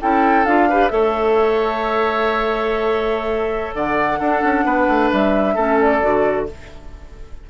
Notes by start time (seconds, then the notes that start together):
0.00 C#4 E4 A4 G5
0.45 D4 F4 F5
0.69 G4 B4
0.89 A3 A4 C#5 E5
3.74 D3 D5 F#5
4.19 D4 A4
4.44 C#4
4.65 B3 B4
4.88 A3
5.12 G3 E5
5.55 A3 C#4 A4
5.80 D5
6.01 D3 F#4